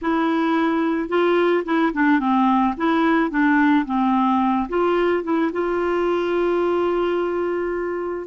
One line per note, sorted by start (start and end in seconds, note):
0.01 1.09 E4
1.09 1.64 F4
1.65 1.92 E4
1.93 2.19 D4
2.19 2.74 C4
2.77 3.30 E4
3.30 3.85 D4
3.85 4.68 C4
4.68 5.23 F4
5.23 5.51 E4
5.52 8.27 F4